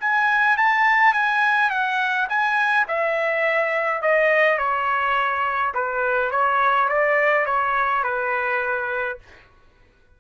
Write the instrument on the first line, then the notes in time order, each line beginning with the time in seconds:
trumpet
0.00 G#5
0.57 A5
1.13 G#5
1.70 F#5
2.29 G#5
2.88 E5
4.02 D#5
4.58 C#5
5.74 B4
6.31 C#5
6.88 D5
7.46 C#5
8.03 B4